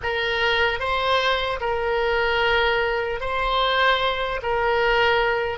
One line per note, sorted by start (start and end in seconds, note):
0.03 0.79 A#4
0.79 1.59 C5
1.60 3.20 A#4
3.20 4.40 C5
4.42 5.58 A#4